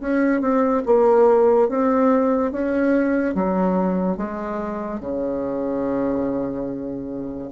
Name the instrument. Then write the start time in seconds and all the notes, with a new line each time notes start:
bassoon
0.00 C#4
0.41 C4
0.86 A#3
1.69 C4
2.52 C#4
3.34 F#3
4.17 G#3
5.00 C#3